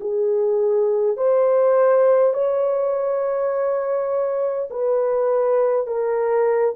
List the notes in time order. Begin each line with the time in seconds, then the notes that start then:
0.00 G#4
1.17 C5
2.33 C#5
4.70 B4
5.87 A#4